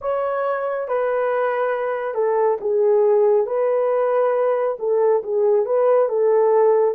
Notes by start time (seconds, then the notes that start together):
0.01 C#5
0.88 B4
2.14 A4
2.60 G#4
3.46 B4
4.79 A4
5.23 G#4
5.65 B4
6.08 A4